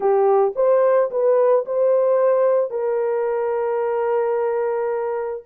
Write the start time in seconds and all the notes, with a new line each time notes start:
0.00 G4
0.55 C5
1.11 B4
1.65 C5
2.70 A#4